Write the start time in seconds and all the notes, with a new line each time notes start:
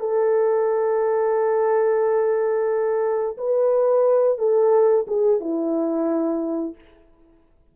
0.00 A4
3.38 B4
4.38 A4
5.07 G#4
5.40 E4